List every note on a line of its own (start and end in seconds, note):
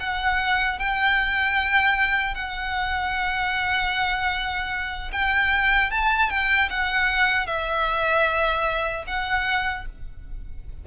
0.00 0.79 F#5
0.79 2.35 G5
2.35 5.11 F#5
5.12 5.91 G5
5.91 6.30 A5
6.30 6.69 G5
6.70 7.47 F#5
7.47 9.05 E5
9.07 9.86 F#5